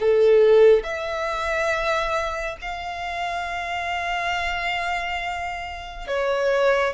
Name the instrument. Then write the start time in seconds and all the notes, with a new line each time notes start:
violin
0.00 A4
0.84 E5
2.62 F5
6.08 C#5